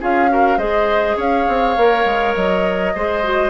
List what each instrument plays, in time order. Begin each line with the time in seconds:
0.00 bassoon C#4, clarinet F4, oboe G#4, flute F5
0.29 clarinet F#4, oboe A#4
0.57 bassoon G#3, clarinet G#4, oboe C5, flute D#5
1.16 bassoon C#4, oboe C#5, flute F5
1.47 bassoon C4
1.76 bassoon A#3, clarinet A#4
2.05 bassoon G#3
2.35 bassoon F#3, flute D#5
2.94 bassoon G#3, clarinet G#4, oboe C5
3.23 clarinet F#4